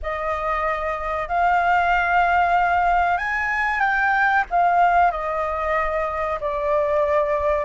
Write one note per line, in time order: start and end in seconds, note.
0.02 1.28 D#5
1.28 3.17 F5
3.17 3.80 G#5
3.80 4.44 G5
4.50 5.11 F5
5.11 6.38 D#5
6.40 7.65 D5